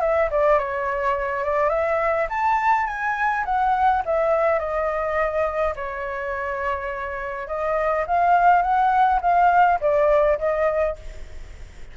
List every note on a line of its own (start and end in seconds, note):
0.00 0.29 E5
0.30 0.58 D5
0.58 1.43 C#5
1.43 1.69 D5
1.69 2.27 E5
2.29 2.86 A5
2.86 3.44 G#5
3.45 4.02 F#5
4.05 4.59 E5
4.59 5.74 D#5
5.75 7.47 C#5
7.47 8.05 D#5
8.07 8.62 F5
8.62 9.19 F#5
9.21 9.79 F5
9.80 10.38 D5
10.38 10.96 D#5